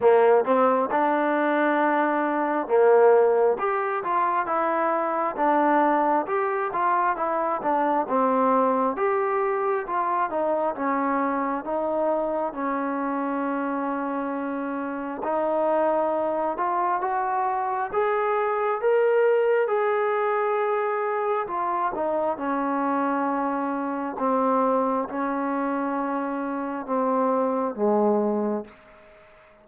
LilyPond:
\new Staff \with { instrumentName = "trombone" } { \time 4/4 \tempo 4 = 67 ais8 c'8 d'2 ais4 | g'8 f'8 e'4 d'4 g'8 f'8 | e'8 d'8 c'4 g'4 f'8 dis'8 | cis'4 dis'4 cis'2~ |
cis'4 dis'4. f'8 fis'4 | gis'4 ais'4 gis'2 | f'8 dis'8 cis'2 c'4 | cis'2 c'4 gis4 | }